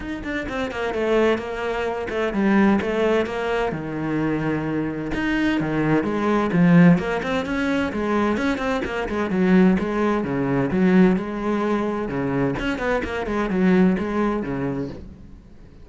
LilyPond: \new Staff \with { instrumentName = "cello" } { \time 4/4 \tempo 4 = 129 dis'8 d'8 c'8 ais8 a4 ais4~ | ais8 a8 g4 a4 ais4 | dis2. dis'4 | dis4 gis4 f4 ais8 c'8 |
cis'4 gis4 cis'8 c'8 ais8 gis8 | fis4 gis4 cis4 fis4 | gis2 cis4 cis'8 b8 | ais8 gis8 fis4 gis4 cis4 | }